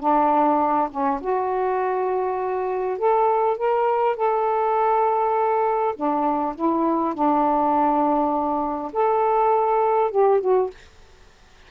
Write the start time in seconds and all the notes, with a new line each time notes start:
0.00 D4
0.90 C#4
1.21 F#4
2.98 A4
3.57 A#4
4.16 A4
5.96 D4
6.56 E4
7.14 D4
8.93 A4
10.11 G4
10.40 F#4